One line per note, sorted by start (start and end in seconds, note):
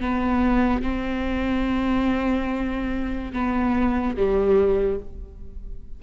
0.00 0.82 B3
0.82 3.32 C4
3.33 4.16 B3
4.16 5.00 G3